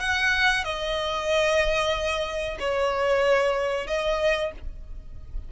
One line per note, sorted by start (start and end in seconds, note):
0.00 0.64 F#5
0.64 2.58 D#5
2.59 3.87 C#5
3.87 4.52 D#5